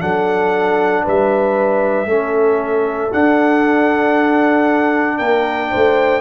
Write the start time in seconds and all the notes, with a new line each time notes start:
0.00 F#3 D4 A4 F#5
1.04 G3 B4 E5
2.06 A3 C#4 A4
3.13 D4 F#5
5.19 A#3 A#4 G5
5.71 A3 C5